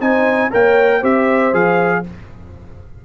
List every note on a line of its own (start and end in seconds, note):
0.00 0.51 C4
0.00 0.51 D#4
0.00 0.51 C5
0.00 0.52 G#5
0.51 1.03 A#3
0.51 1.01 A#4
0.51 0.99 C#5
0.51 1.04 G5
0.99 1.53 C4
0.99 1.53 G4
0.99 2.01 C5
0.99 1.54 E5
1.53 2.04 F3
1.53 2.03 G#4
1.53 2.05 F5